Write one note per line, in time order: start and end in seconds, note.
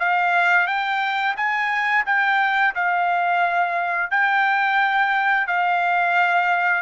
0.00 0.67 F5
0.67 1.35 G5
1.37 2.05 G#5
2.06 2.75 G5
2.75 4.11 F5
4.11 5.47 G5
5.47 6.82 F5